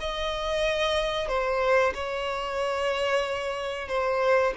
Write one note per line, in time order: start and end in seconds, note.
0.00 1.28 D#5
1.28 1.94 C5
1.94 3.88 C#5
3.88 4.53 C5